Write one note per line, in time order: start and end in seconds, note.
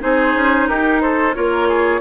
0.00 0.35 C4
0.00 1.33 D#4
0.00 0.69 G#4
0.00 0.68 C5
0.35 0.68 C#4
0.68 1.36 D#4
0.68 1.02 G4
0.68 1.01 A#4
1.01 1.36 A4
1.01 1.34 C5
1.35 2.01 A#3
1.35 2.01 F4
1.35 1.69 A#4
1.35 2.01 C#5
1.69 2.01 G#4